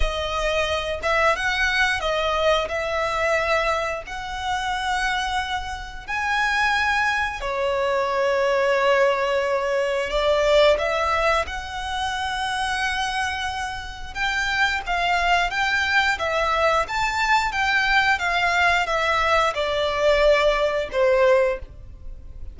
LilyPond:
\new Staff \with { instrumentName = "violin" } { \time 4/4 \tempo 4 = 89 dis''4. e''8 fis''4 dis''4 | e''2 fis''2~ | fis''4 gis''2 cis''4~ | cis''2. d''4 |
e''4 fis''2.~ | fis''4 g''4 f''4 g''4 | e''4 a''4 g''4 f''4 | e''4 d''2 c''4 | }